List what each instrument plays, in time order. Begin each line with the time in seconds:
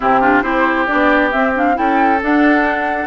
0.00 bassoon C3, clarinet C4, oboe E4, flute G4
0.20 clarinet D4, oboe F4
0.42 bassoon C4, clarinet E4, oboe G4, flute C5
0.86 bassoon B3, clarinet D4, flute D5
1.31 clarinet C4, bassoon C4, flute E5
1.54 clarinet D4, flute F5
1.74 bassoon C#4, clarinet E4, oboe A4, flute G5
2.21 bassoon D4, clarinet D4, flute F#5